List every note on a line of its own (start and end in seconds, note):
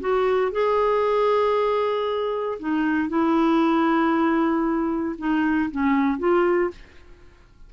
0.00 0.51 F#4
0.51 2.58 G#4
2.59 3.09 D#4
3.09 5.16 E4
5.18 5.70 D#4
5.71 6.19 C#4
6.19 6.70 F4